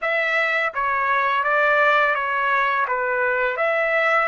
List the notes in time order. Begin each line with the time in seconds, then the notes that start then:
0.01 E5
0.74 C#5
1.43 D5
2.14 C#5
2.87 B4
3.56 E5